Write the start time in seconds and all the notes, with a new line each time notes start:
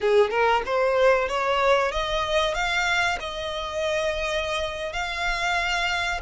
0.00 G#4
0.30 A#4
0.65 C5
1.28 C#5
1.91 D#5
2.54 F5
3.20 D#5
4.92 F5